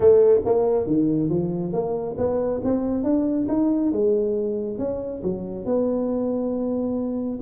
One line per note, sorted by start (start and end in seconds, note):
0.00 0.40 A3
0.45 0.86 A#3
0.86 1.29 D#3
1.29 1.72 F3
1.72 2.16 A#3
2.17 2.61 B3
2.63 3.03 C4
3.03 3.47 D4
3.48 3.92 D#4
3.92 4.78 G#3
4.78 5.22 C#4
5.23 5.65 F#3
5.65 7.39 B3